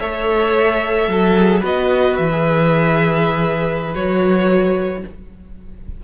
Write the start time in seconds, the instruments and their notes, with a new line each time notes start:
0.00 cello A3, viola A4, violin C#5 E5
1.08 cello F#3, violin A4
1.36 viola G#4
1.60 cello B3, viola F#4, violin B4 D#5
2.17 cello E3, violin E5
2.32 viola G#4
3.95 cello F#3, viola F#4, violin C#5